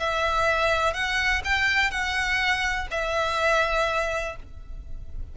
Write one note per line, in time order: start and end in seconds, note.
0.00 0.94 E5
0.94 1.42 F#5
1.45 1.91 G5
1.91 2.88 F#5
2.91 4.36 E5